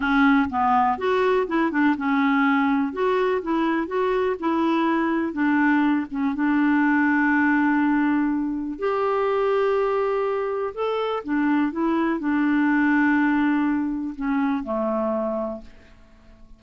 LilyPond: \new Staff \with { instrumentName = "clarinet" } { \time 4/4 \tempo 4 = 123 cis'4 b4 fis'4 e'8 d'8 | cis'2 fis'4 e'4 | fis'4 e'2 d'4~ | d'8 cis'8 d'2.~ |
d'2 g'2~ | g'2 a'4 d'4 | e'4 d'2.~ | d'4 cis'4 a2 | }